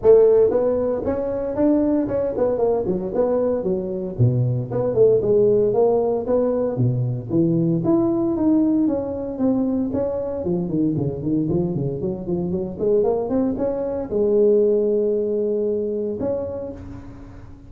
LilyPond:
\new Staff \with { instrumentName = "tuba" } { \time 4/4 \tempo 4 = 115 a4 b4 cis'4 d'4 | cis'8 b8 ais8 fis8 b4 fis4 | b,4 b8 a8 gis4 ais4 | b4 b,4 e4 e'4 |
dis'4 cis'4 c'4 cis'4 | f8 dis8 cis8 dis8 f8 cis8 fis8 f8 | fis8 gis8 ais8 c'8 cis'4 gis4~ | gis2. cis'4 | }